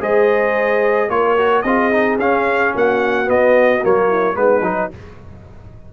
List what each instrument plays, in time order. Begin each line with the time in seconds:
0.00 tuba G#3, trombone G#4, horn C5, trumpet D#5
1.08 tuba A#3, trombone F4, horn A#4, trumpet C#5
1.37 trombone F#4
1.61 tuba C4, trombone F4, horn G#4, trumpet D#5
1.91 trombone D#4
2.18 tuba C#4, trombone C#4, trumpet F5
2.74 tuba A#3, horn F#4, trumpet F#5
3.25 trombone B3, tuba B3, trumpet D#5
3.82 tuba F#3, trombone A#3, trumpet C#5
4.08 horn E4
4.34 tuba G#3, trombone B3, horn D#4, trumpet B4
4.61 tuba F#3, trombone D#4